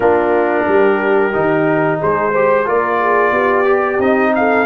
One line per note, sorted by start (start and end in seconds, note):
0.00 0.63 A#3
0.00 1.32 D4
0.00 0.66 F4
0.00 2.00 A#4
0.67 1.34 G3
0.67 2.00 G4
1.32 2.01 D#3
1.32 2.32 D#4
2.00 2.67 G#3
2.00 2.31 G#4
2.00 2.68 C5
2.31 2.65 G4
2.31 2.64 C5
2.65 3.31 A#3
2.65 3.64 F4
2.65 2.98 A#4
2.65 4.00 D5
2.99 3.31 G#4
3.31 3.98 B3
3.31 4.31 G4
3.64 3.98 G4
3.99 4.65 C4
3.99 4.65 D#4
3.99 4.33 D#5
4.35 4.65 A4
4.35 4.65 F5